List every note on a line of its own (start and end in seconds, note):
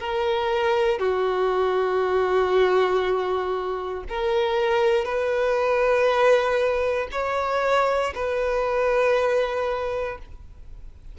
0.00 0.99 A#4
0.99 4.04 F#4
4.09 5.05 A#4
5.05 7.09 B4
7.12 8.14 C#5
8.15 10.19 B4